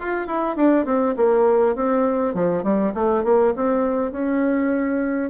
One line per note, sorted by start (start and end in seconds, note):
0.00 0.27 F4
0.27 0.56 E4
0.56 0.85 D4
0.85 1.15 C4
1.16 1.76 A#3
1.76 2.34 C4
2.34 2.64 F3
2.64 2.93 G3
2.94 3.24 A3
3.24 3.54 A#3
3.56 4.12 C4
4.12 5.30 C#4